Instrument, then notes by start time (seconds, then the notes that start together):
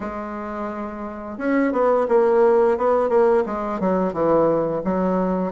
bassoon
0.00 G#3
1.38 C#4
1.72 B3
2.08 A#3
2.77 B3
3.08 A#3
3.45 G#3
3.80 F#3
4.13 E3
4.84 F#3